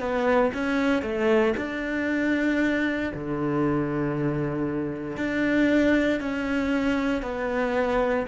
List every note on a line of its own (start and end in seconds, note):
0.00 0.52 B3
0.54 1.02 C#4
1.02 1.54 A3
1.57 3.12 D4
3.14 5.17 D3
5.17 6.20 D4
6.20 7.22 C#4
7.22 8.26 B3